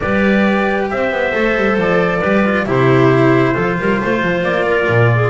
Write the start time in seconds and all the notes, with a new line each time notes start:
0.00 G3 G4 B4 D5
0.90 C4 C5 E5
1.10 B3
1.33 A3 A4
1.56 G3
1.77 F3 D5
2.20 G3 G4 B4
2.44 F4
2.66 C3 E4 G4 C5
3.53 F3 F4 A4
3.79 G3 A#4
4.02 A3 C5
4.22 F3
4.43 A#3 D5
4.66 A#4
4.88 A#2
5.15 G#4